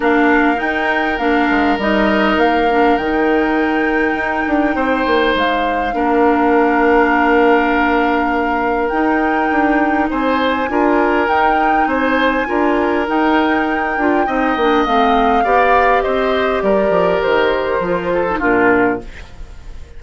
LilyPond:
<<
  \new Staff \with { instrumentName = "flute" } { \time 4/4 \tempo 4 = 101 f''4 g''4 f''4 dis''4 | f''4 g''2.~ | g''4 f''2.~ | f''2. g''4~ |
g''4 gis''2 g''4 | gis''2 g''2~ | g''4 f''2 dis''4 | d''4 c''2 ais'4 | }
  \new Staff \with { instrumentName = "oboe" } { \time 4/4 ais'1~ | ais'1 | c''2 ais'2~ | ais'1~ |
ais'4 c''4 ais'2 | c''4 ais'2. | dis''2 d''4 c''4 | ais'2~ ais'8 a'8 f'4 | }
  \new Staff \with { instrumentName = "clarinet" } { \time 4/4 d'4 dis'4 d'4 dis'4~ | dis'8 d'8 dis'2.~ | dis'2 d'2~ | d'2. dis'4~ |
dis'2 f'4 dis'4~ | dis'4 f'4 dis'4. f'8 | dis'8 d'8 c'4 g'2~ | g'2 f'8. dis'16 d'4 | }
  \new Staff \with { instrumentName = "bassoon" } { \time 4/4 ais4 dis'4 ais8 gis8 g4 | ais4 dis2 dis'8 d'8 | c'8 ais8 gis4 ais2~ | ais2. dis'4 |
d'4 c'4 d'4 dis'4 | c'4 d'4 dis'4. d'8 | c'8 ais8 a4 b4 c'4 | g8 f8 dis4 f4 ais,4 | }
>>